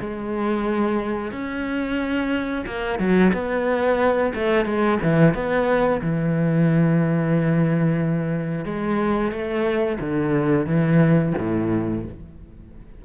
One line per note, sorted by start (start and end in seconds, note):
0.00 1.32 G#3
1.32 2.65 C#4
2.67 2.99 A#3
2.99 3.33 F#3
3.33 4.33 B3
4.35 4.66 A3
4.66 4.99 G#3
5.03 5.35 E3
5.35 6.02 B3
6.02 8.66 E3
8.66 9.32 G#3
9.32 9.99 A3
10.00 10.67 D3
10.67 11.33 E3
11.39 12.05 A2